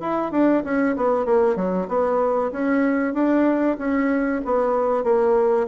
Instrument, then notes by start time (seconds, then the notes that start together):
bassoon
0.00 E4
0.31 D4
0.64 C#4
0.96 B3
1.25 A#3
1.56 F#3
1.88 B3
2.52 C#4
3.14 D4
3.78 C#4
4.45 B3
5.04 A#3